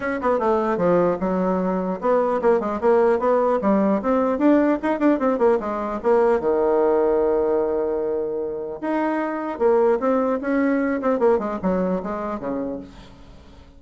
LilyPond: \new Staff \with { instrumentName = "bassoon" } { \time 4/4 \tempo 4 = 150 cis'8 b8 a4 f4 fis4~ | fis4 b4 ais8 gis8 ais4 | b4 g4 c'4 d'4 | dis'8 d'8 c'8 ais8 gis4 ais4 |
dis1~ | dis2 dis'2 | ais4 c'4 cis'4. c'8 | ais8 gis8 fis4 gis4 cis4 | }